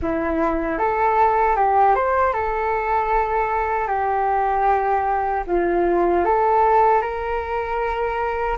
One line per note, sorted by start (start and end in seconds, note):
0.02 0.78 E4
0.78 1.56 A4
1.56 1.95 G4
1.95 2.33 C5
2.33 3.87 A4
3.87 5.43 G4
5.47 6.24 F4
6.24 7.01 A4
7.01 8.57 A#4